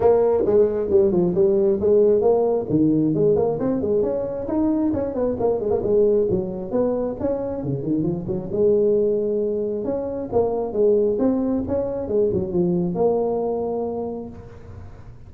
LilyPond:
\new Staff \with { instrumentName = "tuba" } { \time 4/4 \tempo 4 = 134 ais4 gis4 g8 f8 g4 | gis4 ais4 dis4 gis8 ais8 | c'8 gis8 cis'4 dis'4 cis'8 b8 | ais8 gis16 ais16 gis4 fis4 b4 |
cis'4 cis8 dis8 f8 fis8 gis4~ | gis2 cis'4 ais4 | gis4 c'4 cis'4 gis8 fis8 | f4 ais2. | }